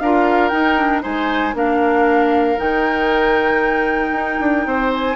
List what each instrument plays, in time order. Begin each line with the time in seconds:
0.00 bassoon D4, clarinet F4, oboe A#4, flute F5
0.48 clarinet D#4, bassoon D#4, flute G5
0.77 clarinet D4
1.02 bassoon G#3, clarinet D#4, oboe C5, flute G#5
1.54 bassoon A#3, clarinet D4, oboe A#4, flute F5
2.57 bassoon D#3, clarinet D#4, flute G5
4.12 bassoon D#4
4.40 bassoon D4
4.66 bassoon C4, oboe C5
4.93 flute G#5